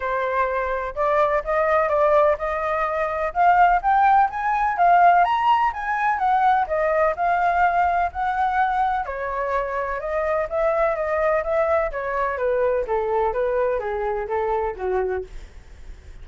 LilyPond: \new Staff \with { instrumentName = "flute" } { \time 4/4 \tempo 4 = 126 c''2 d''4 dis''4 | d''4 dis''2 f''4 | g''4 gis''4 f''4 ais''4 | gis''4 fis''4 dis''4 f''4~ |
f''4 fis''2 cis''4~ | cis''4 dis''4 e''4 dis''4 | e''4 cis''4 b'4 a'4 | b'4 gis'4 a'4 fis'4 | }